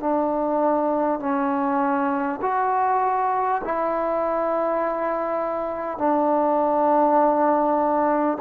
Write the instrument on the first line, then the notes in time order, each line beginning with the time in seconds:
trombone
0.00 D4
1.20 C#4
2.42 F#4
3.64 E4
5.98 D4